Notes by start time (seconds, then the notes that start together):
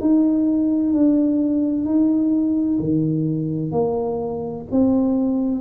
0.00 D#4
0.92 D4
1.84 D#4
2.79 D#3
3.71 A#3
4.71 C4